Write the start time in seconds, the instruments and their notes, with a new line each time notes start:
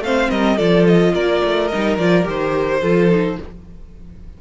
0.00 cello A3, viola C4, violin C5 F5
0.30 cello G3, violin A#4 D#5
0.57 cello F3, viola F4, violin A4 D5
0.87 violin D#5
1.13 cello A#3, violin A#4 D5
1.45 cello A3
1.68 cello G3, viola D#4, violin D#5
1.98 cello F3, viola F4, violin D5
2.24 cello D#3, viola G4, violin C5
2.81 cello F3, viola F4, violin A4
3.10 viola D#4